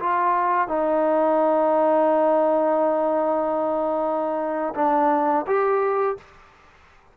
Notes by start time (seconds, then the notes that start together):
0.00 F4
0.68 D#4
4.75 D4
5.47 G4